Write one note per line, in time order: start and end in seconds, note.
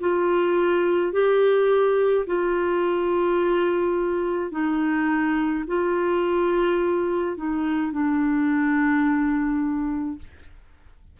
0.00 1.12 F4
1.12 2.25 G4
2.26 4.51 F4
4.51 5.64 D#4
5.67 7.36 F4
7.36 7.92 D#4
7.92 10.18 D4